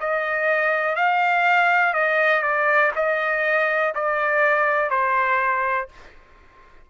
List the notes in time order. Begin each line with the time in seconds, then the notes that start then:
0.00 D#5
0.96 F5
1.94 D#5
2.42 D5
2.96 D#5
3.95 D5
4.90 C5